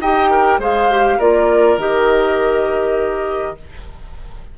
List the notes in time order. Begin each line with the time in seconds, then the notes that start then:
0.00 D#4 G4 D#5 G5
0.30 A#4
0.58 G#3 G#4 C5 F5
0.90 G4
1.18 A#3 F4 A#4 D5
1.77 D#3 G4 D#5